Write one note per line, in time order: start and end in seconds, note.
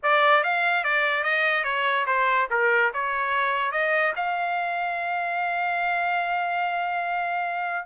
0.02 0.43 D5
0.43 0.84 F5
0.84 1.23 D5
1.23 1.64 D#5
1.64 2.05 C#5
2.06 2.47 C5
2.50 2.92 A#4
2.93 3.71 C#5
3.71 4.13 D#5
4.15 7.86 F5